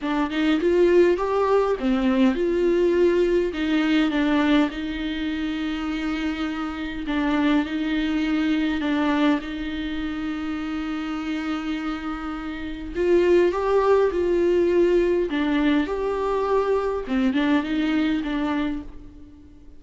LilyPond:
\new Staff \with { instrumentName = "viola" } { \time 4/4 \tempo 4 = 102 d'8 dis'8 f'4 g'4 c'4 | f'2 dis'4 d'4 | dis'1 | d'4 dis'2 d'4 |
dis'1~ | dis'2 f'4 g'4 | f'2 d'4 g'4~ | g'4 c'8 d'8 dis'4 d'4 | }